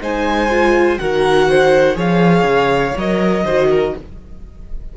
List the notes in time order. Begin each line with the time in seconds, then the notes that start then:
0.00 G#3 D#4 C5 G#5
0.50 F4
0.98 D#3 F#4 A#4 F#5
1.49 C5
1.94 F3 G#4 C#5 F5
2.42 C#3
2.96 F#3 A#4 D#5
3.44 D#3 F#4 C5
3.69 A#4